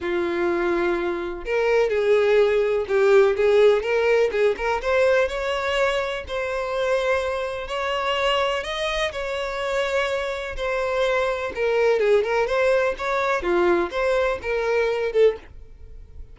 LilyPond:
\new Staff \with { instrumentName = "violin" } { \time 4/4 \tempo 4 = 125 f'2. ais'4 | gis'2 g'4 gis'4 | ais'4 gis'8 ais'8 c''4 cis''4~ | cis''4 c''2. |
cis''2 dis''4 cis''4~ | cis''2 c''2 | ais'4 gis'8 ais'8 c''4 cis''4 | f'4 c''4 ais'4. a'8 | }